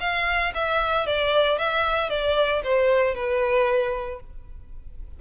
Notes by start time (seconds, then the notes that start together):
0.00 F5
0.54 E5
1.06 D5
1.58 E5
2.10 D5
2.63 C5
3.15 B4